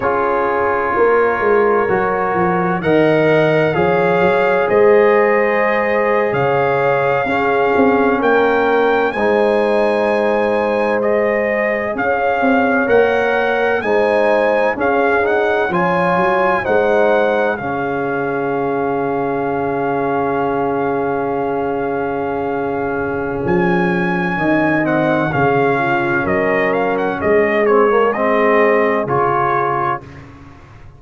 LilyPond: <<
  \new Staff \with { instrumentName = "trumpet" } { \time 4/4 \tempo 4 = 64 cis''2. fis''4 | f''4 dis''4.~ dis''16 f''4~ f''16~ | f''8. g''4 gis''2 dis''16~ | dis''8. f''4 fis''4 gis''4 f''16~ |
f''16 fis''8 gis''4 fis''4 f''4~ f''16~ | f''1~ | f''4 gis''4. fis''8 f''4 | dis''8 f''16 fis''16 dis''8 cis''8 dis''4 cis''4 | }
  \new Staff \with { instrumentName = "horn" } { \time 4/4 gis'4 ais'2 dis''4 | cis''4 c''4.~ c''16 cis''4 gis'16~ | gis'8. ais'4 c''2~ c''16~ | c''8. cis''2 c''4 gis'16~ |
gis'8. cis''4 c''4 gis'4~ gis'16~ | gis'1~ | gis'2 dis''4 gis'8 f'8 | ais'4 gis'2. | }
  \new Staff \with { instrumentName = "trombone" } { \time 4/4 f'2 fis'4 ais'4 | gis'2.~ gis'8. cis'16~ | cis'4.~ cis'16 dis'2 gis'16~ | gis'4.~ gis'16 ais'4 dis'4 cis'16~ |
cis'16 dis'8 f'4 dis'4 cis'4~ cis'16~ | cis'1~ | cis'2~ cis'8 c'8 cis'4~ | cis'4. c'16 ais16 c'4 f'4 | }
  \new Staff \with { instrumentName = "tuba" } { \time 4/4 cis'4 ais8 gis8 fis8 f8 dis4 | f8 fis8 gis4.~ gis16 cis4 cis'16~ | cis'16 c'8 ais4 gis2~ gis16~ | gis8. cis'8 c'8 ais4 gis4 cis'16~ |
cis'8. f8 fis8 gis4 cis4~ cis16~ | cis1~ | cis4 f4 dis4 cis4 | fis4 gis2 cis4 | }
>>